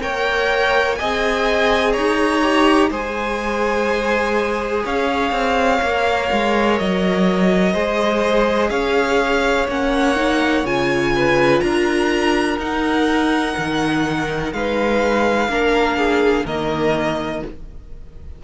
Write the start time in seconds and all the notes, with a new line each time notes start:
0.00 A#3 A#4 C#5 G5
0.96 C4 G#4 D#5 G#5
1.93 D#4 C#5 A#5
2.43 G4
2.91 G#3 G#4 C5 G#5
4.85 C#4 C#5 F5
5.32 C4
5.82 A#3 A#4
6.32 G#3
6.79 F#3 D#5
7.73 G#3 G#4 C5
8.70 C#4 C#5 F5
9.68 A#3 C#4 F#5
10.16 D#4
10.65 C#3 F4 G#5
11.16 B4
11.60 D4 A#4 A#5
12.58 D#4 F#5
13.58 D#3
14.53 G#3 B4 F5
15.48 A#3 D4 A#4
15.98 G#4
16.46 D#3 A#3 A#4 D#5